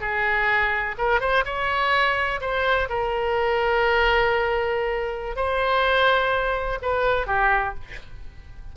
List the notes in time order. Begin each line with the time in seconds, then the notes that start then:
0.00 G#4
0.98 A#4
1.20 C5
1.45 C#5
2.40 C5
2.89 A#4
5.36 C5
6.82 B4
7.26 G4